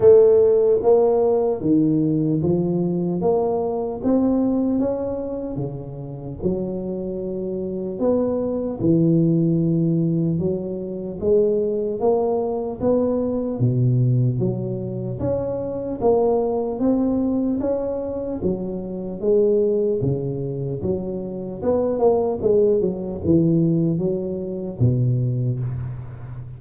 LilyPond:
\new Staff \with { instrumentName = "tuba" } { \time 4/4 \tempo 4 = 75 a4 ais4 dis4 f4 | ais4 c'4 cis'4 cis4 | fis2 b4 e4~ | e4 fis4 gis4 ais4 |
b4 b,4 fis4 cis'4 | ais4 c'4 cis'4 fis4 | gis4 cis4 fis4 b8 ais8 | gis8 fis8 e4 fis4 b,4 | }